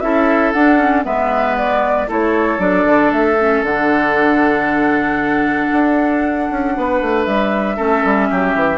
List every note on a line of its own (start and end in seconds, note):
0.00 0.54 C#4
0.00 0.54 E4
0.00 1.05 A4
0.00 0.52 E5
0.52 0.78 D4
0.52 1.05 D4
0.52 1.04 F#5
0.78 1.04 C#4
1.04 2.09 G#3
1.04 2.07 B3
1.04 2.08 B4
1.04 1.57 E5
1.57 2.09 D5
2.07 2.58 A3
2.07 2.59 E4
2.07 6.73 A4
2.07 2.60 C#5
2.58 2.84 F#3
2.58 3.36 D4
2.58 3.11 D5
2.86 3.11 D3
3.12 3.62 A3
3.12 3.64 E5
3.40 3.66 C#4
3.62 5.69 D3
3.62 7.77 D4
3.62 7.24 F#5
5.72 6.50 D4
6.51 6.76 C#4
6.77 7.01 B3
6.77 7.76 B4
7.01 7.26 A3
7.24 7.78 G3
7.24 8.78 E5
7.76 8.04 A3
7.76 8.78 C#4
7.76 8.28 A4
8.04 8.30 G3
8.30 8.54 F#3
8.30 8.78 G4
8.54 8.78 E3